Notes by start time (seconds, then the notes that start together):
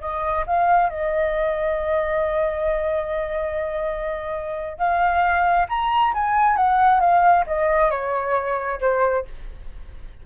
0.00 D#5
0.46 F5
0.89 D#5
4.78 F5
5.68 A#5
6.13 G#5
6.56 F#5
7.00 F5
7.46 D#5
7.90 C#5
8.80 C5